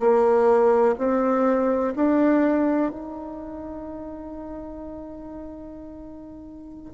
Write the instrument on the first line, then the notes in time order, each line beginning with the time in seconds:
bassoon
0.00 A#3
0.99 C4
1.96 D4
2.92 D#4